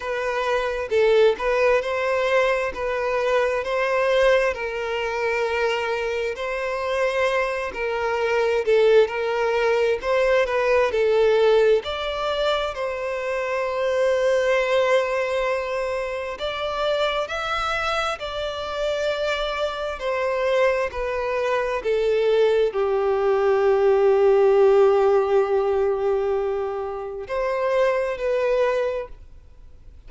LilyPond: \new Staff \with { instrumentName = "violin" } { \time 4/4 \tempo 4 = 66 b'4 a'8 b'8 c''4 b'4 | c''4 ais'2 c''4~ | c''8 ais'4 a'8 ais'4 c''8 b'8 | a'4 d''4 c''2~ |
c''2 d''4 e''4 | d''2 c''4 b'4 | a'4 g'2.~ | g'2 c''4 b'4 | }